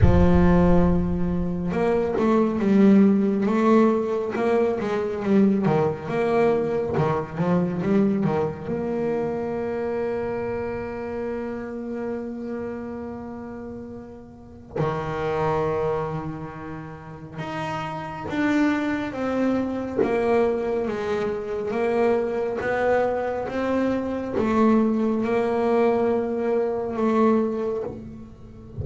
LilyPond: \new Staff \with { instrumentName = "double bass" } { \time 4/4 \tempo 4 = 69 f2 ais8 a8 g4 | a4 ais8 gis8 g8 dis8 ais4 | dis8 f8 g8 dis8 ais2~ | ais1~ |
ais4 dis2. | dis'4 d'4 c'4 ais4 | gis4 ais4 b4 c'4 | a4 ais2 a4 | }